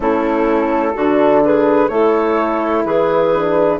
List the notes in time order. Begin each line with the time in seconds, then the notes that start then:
0.00 A3 C#4 E4 A4
0.94 D3 D4 F#4
1.44 G#4 B4
1.88 A3 E4 A4 C#5
2.84 E3 G#4 B4
3.34 D4